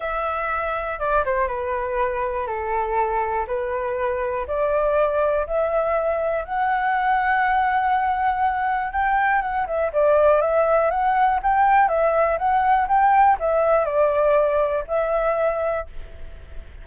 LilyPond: \new Staff \with { instrumentName = "flute" } { \time 4/4 \tempo 4 = 121 e''2 d''8 c''8 b'4~ | b'4 a'2 b'4~ | b'4 d''2 e''4~ | e''4 fis''2.~ |
fis''2 g''4 fis''8 e''8 | d''4 e''4 fis''4 g''4 | e''4 fis''4 g''4 e''4 | d''2 e''2 | }